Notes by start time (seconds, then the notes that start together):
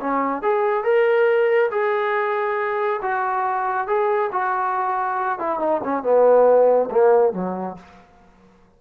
0.00 C#4
0.42 G#4
0.84 A#4
1.71 G#4
3.02 F#4
3.87 G#4
4.32 F#4
5.39 E4
5.59 D#4
5.84 C#4
6.03 B3
6.91 A#3
7.33 F#3